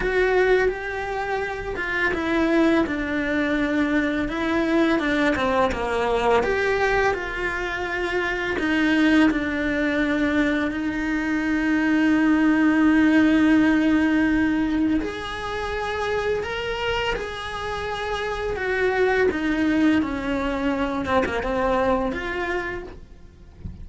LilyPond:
\new Staff \with { instrumentName = "cello" } { \time 4/4 \tempo 4 = 84 fis'4 g'4. f'8 e'4 | d'2 e'4 d'8 c'8 | ais4 g'4 f'2 | dis'4 d'2 dis'4~ |
dis'1~ | dis'4 gis'2 ais'4 | gis'2 fis'4 dis'4 | cis'4. c'16 ais16 c'4 f'4 | }